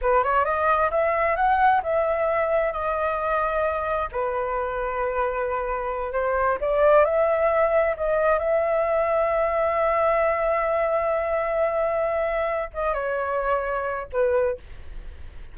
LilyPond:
\new Staff \with { instrumentName = "flute" } { \time 4/4 \tempo 4 = 132 b'8 cis''8 dis''4 e''4 fis''4 | e''2 dis''2~ | dis''4 b'2.~ | b'4. c''4 d''4 e''8~ |
e''4. dis''4 e''4.~ | e''1~ | e''1 | dis''8 cis''2~ cis''8 b'4 | }